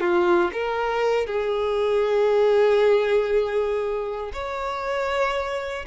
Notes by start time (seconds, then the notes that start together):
0.00 F4
0.52 A#4
1.26 G#4
4.33 C#5